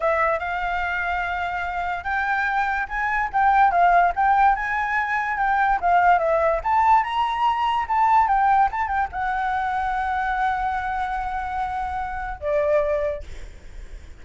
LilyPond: \new Staff \with { instrumentName = "flute" } { \time 4/4 \tempo 4 = 145 e''4 f''2.~ | f''4 g''2 gis''4 | g''4 f''4 g''4 gis''4~ | gis''4 g''4 f''4 e''4 |
a''4 ais''2 a''4 | g''4 a''8 g''8 fis''2~ | fis''1~ | fis''2 d''2 | }